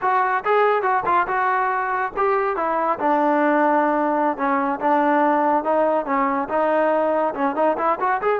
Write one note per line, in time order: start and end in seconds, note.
0.01 0.44 F#4
0.44 0.82 G#4
0.82 1.03 F#4
1.05 1.26 F4
1.27 2.12 F#4
2.16 2.56 G4
2.56 2.98 E4
2.99 4.37 D4
4.37 4.79 C#4
4.80 5.63 D4
5.63 6.05 D#4
6.05 6.48 C#4
6.48 7.33 D#4
7.34 7.55 C#4
7.55 7.77 D#4
7.77 7.98 E4
8.00 8.21 F#4
8.21 8.40 G#4